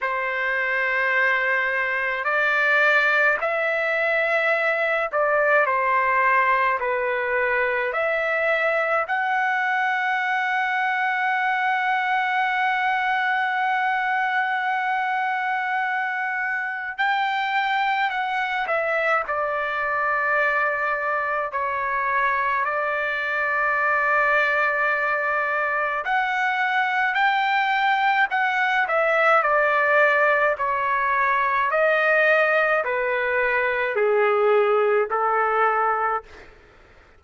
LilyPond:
\new Staff \with { instrumentName = "trumpet" } { \time 4/4 \tempo 4 = 53 c''2 d''4 e''4~ | e''8 d''8 c''4 b'4 e''4 | fis''1~ | fis''2. g''4 |
fis''8 e''8 d''2 cis''4 | d''2. fis''4 | g''4 fis''8 e''8 d''4 cis''4 | dis''4 b'4 gis'4 a'4 | }